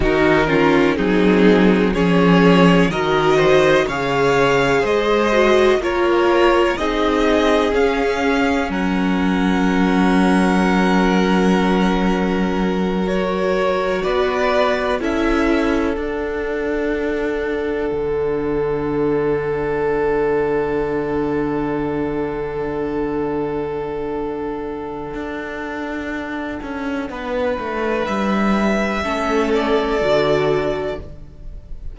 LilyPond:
<<
  \new Staff \with { instrumentName = "violin" } { \time 4/4 \tempo 4 = 62 ais'4 gis'4 cis''4 dis''4 | f''4 dis''4 cis''4 dis''4 | f''4 fis''2.~ | fis''4. cis''4 d''4 e''8~ |
e''8 fis''2.~ fis''8~ | fis''1~ | fis''1~ | fis''4 e''4. d''4. | }
  \new Staff \with { instrumentName = "violin" } { \time 4/4 fis'8 f'8 dis'4 gis'4 ais'8 c''8 | cis''4 c''4 ais'4 gis'4~ | gis'4 ais'2.~ | ais'2~ ais'8 b'4 a'8~ |
a'1~ | a'1~ | a'1 | b'2 a'2 | }
  \new Staff \with { instrumentName = "viola" } { \time 4/4 dis'8 cis'8 c'4 cis'4 fis'4 | gis'4. fis'8 f'4 dis'4 | cis'1~ | cis'4. fis'2 e'8~ |
e'8 d'2.~ d'8~ | d'1~ | d'1~ | d'2 cis'4 fis'4 | }
  \new Staff \with { instrumentName = "cello" } { \time 4/4 dis4 fis4 f4 dis4 | cis4 gis4 ais4 c'4 | cis'4 fis2.~ | fis2~ fis8 b4 cis'8~ |
cis'8 d'2 d4.~ | d1~ | d2 d'4. cis'8 | b8 a8 g4 a4 d4 | }
>>